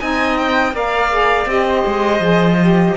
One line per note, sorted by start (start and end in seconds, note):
0.00 0.73 C4
0.00 0.74 D#4
0.00 0.74 D#5
0.00 0.37 G#5
0.37 0.74 G5
0.73 1.46 A#3
0.73 1.10 A#4
0.73 1.67 D5
0.73 1.50 F5
1.10 1.46 G#4
1.46 1.83 C4
1.46 2.20 G4
1.46 2.97 D#5
1.68 2.97 C5
1.86 2.20 G#3
2.20 2.94 F3
2.20 2.57 G#4
2.61 2.97 G4